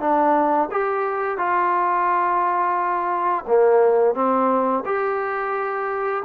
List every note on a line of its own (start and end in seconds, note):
0.00 0.69 D4
0.71 1.38 G4
1.38 3.45 F4
3.47 4.15 A#3
4.15 4.84 C4
4.86 6.24 G4